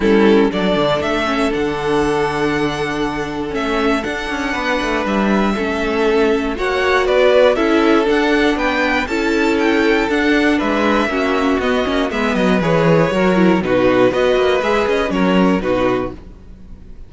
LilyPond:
<<
  \new Staff \with { instrumentName = "violin" } { \time 4/4 \tempo 4 = 119 a'4 d''4 e''4 fis''4~ | fis''2. e''4 | fis''2 e''2~ | e''4 fis''4 d''4 e''4 |
fis''4 g''4 a''4 g''4 | fis''4 e''2 dis''4 | e''8 dis''8 cis''2 b'4 | dis''4 e''8 dis''8 cis''4 b'4 | }
  \new Staff \with { instrumentName = "violin" } { \time 4/4 e'4 a'2.~ | a'1~ | a'4 b'2 a'4~ | a'4 cis''4 b'4 a'4~ |
a'4 b'4 a'2~ | a'4 b'4 fis'2 | b'2 ais'4 fis'4 | b'2 ais'4 fis'4 | }
  \new Staff \with { instrumentName = "viola" } { \time 4/4 cis'4 d'4. cis'8 d'4~ | d'2. cis'4 | d'2. cis'4~ | cis'4 fis'2 e'4 |
d'2 e'2 | d'2 cis'4 b8 cis'8 | b4 gis'4 fis'8 e'8 dis'4 | fis'4 gis'4 cis'4 dis'4 | }
  \new Staff \with { instrumentName = "cello" } { \time 4/4 g4 fis8 d8 a4 d4~ | d2. a4 | d'8 cis'8 b8 a8 g4 a4~ | a4 ais4 b4 cis'4 |
d'4 b4 cis'2 | d'4 gis4 ais4 b8 ais8 | gis8 fis8 e4 fis4 b,4 | b8 ais8 gis8 cis'8 fis4 b,4 | }
>>